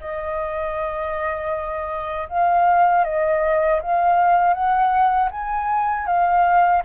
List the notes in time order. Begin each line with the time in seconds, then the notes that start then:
0.00 D#5
2.29 F5
3.04 D#5
3.81 F5
4.54 F#5
5.31 G#5
6.07 F5